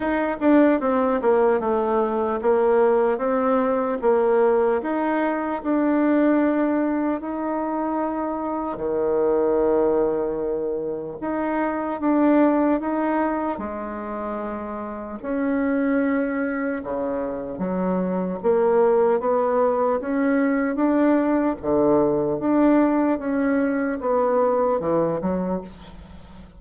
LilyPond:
\new Staff \with { instrumentName = "bassoon" } { \time 4/4 \tempo 4 = 75 dis'8 d'8 c'8 ais8 a4 ais4 | c'4 ais4 dis'4 d'4~ | d'4 dis'2 dis4~ | dis2 dis'4 d'4 |
dis'4 gis2 cis'4~ | cis'4 cis4 fis4 ais4 | b4 cis'4 d'4 d4 | d'4 cis'4 b4 e8 fis8 | }